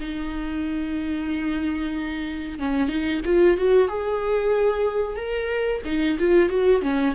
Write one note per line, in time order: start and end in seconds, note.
0.00 2.59 D#4
2.59 2.88 C#4
2.88 3.21 D#4
3.24 3.57 F4
3.57 3.88 F#4
3.88 5.16 G#4
5.16 5.81 A#4
5.85 6.17 D#4
6.18 6.49 F4
6.49 6.82 F#4
6.82 7.14 C#4